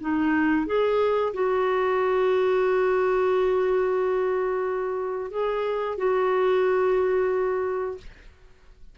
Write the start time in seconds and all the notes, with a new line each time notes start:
0.00 D#4
0.66 G#4
1.33 F#4
5.31 G#4
5.98 F#4